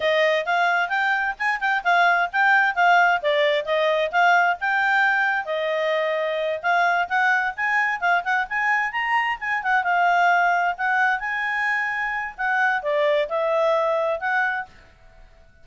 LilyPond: \new Staff \with { instrumentName = "clarinet" } { \time 4/4 \tempo 4 = 131 dis''4 f''4 g''4 gis''8 g''8 | f''4 g''4 f''4 d''4 | dis''4 f''4 g''2 | dis''2~ dis''8 f''4 fis''8~ |
fis''8 gis''4 f''8 fis''8 gis''4 ais''8~ | ais''8 gis''8 fis''8 f''2 fis''8~ | fis''8 gis''2~ gis''8 fis''4 | d''4 e''2 fis''4 | }